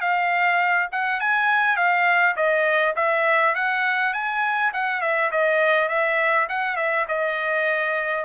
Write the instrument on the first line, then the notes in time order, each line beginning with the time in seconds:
trumpet
0.00 F5
0.91 F#5
1.20 G#5
1.76 F5
2.36 D#5
2.96 E5
3.55 F#5
4.13 G#5
4.73 F#5
5.01 E5
5.31 D#5
5.88 E5
6.48 F#5
6.76 E5
7.08 D#5